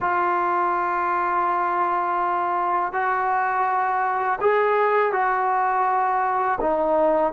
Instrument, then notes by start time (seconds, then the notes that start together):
trombone
0.00 F4
2.93 F#4
4.40 G#4
5.12 F#4
6.61 D#4